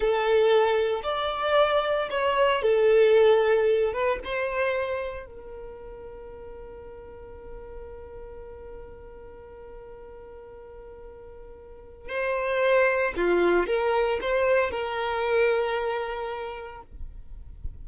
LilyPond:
\new Staff \with { instrumentName = "violin" } { \time 4/4 \tempo 4 = 114 a'2 d''2 | cis''4 a'2~ a'8 b'8 | c''2 ais'2~ | ais'1~ |
ais'1~ | ais'2. c''4~ | c''4 f'4 ais'4 c''4 | ais'1 | }